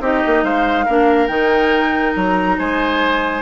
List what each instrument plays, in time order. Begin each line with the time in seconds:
0.00 bassoon C4, clarinet D#4, oboe G4, flute D#5
0.26 bassoon A#3
0.43 bassoon G#3, oboe C5, flute F5
0.85 bassoon A#3, clarinet D4, oboe A#4
1.27 bassoon D#3, clarinet D#4, flute G5
2.15 bassoon F#3, flute A#5
2.58 bassoon G#3, oboe C5, flute G#5